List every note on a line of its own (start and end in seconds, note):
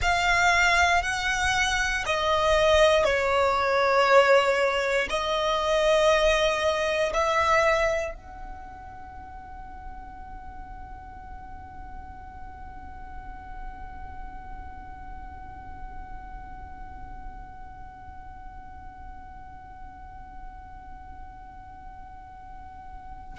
0.01 1.02 F5
1.02 2.04 F#5
2.06 3.04 D#5
3.04 5.07 C#5
5.09 7.12 D#5
7.13 8.14 E5
8.14 23.39 F#5